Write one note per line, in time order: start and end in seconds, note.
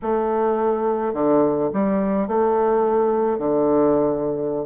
0.02 1.13 A3
1.13 1.70 D3
1.73 2.27 G3
2.27 3.38 A3
3.38 4.65 D3